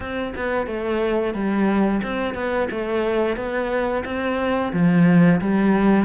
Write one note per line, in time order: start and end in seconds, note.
0.00 0.34 C4
0.36 0.66 B3
0.66 1.34 A3
1.34 2.01 G3
2.02 2.34 C4
2.34 2.68 B3
2.70 3.36 A3
3.36 4.03 B3
4.04 4.72 C4
4.73 5.40 F3
5.41 6.05 G3